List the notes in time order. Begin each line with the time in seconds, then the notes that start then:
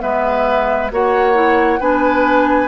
0.00 G#3 B3 B4 E5
0.92 A#3 F#4 C#5 F#5
1.34 E4
1.79 B3 D4 B4 G#5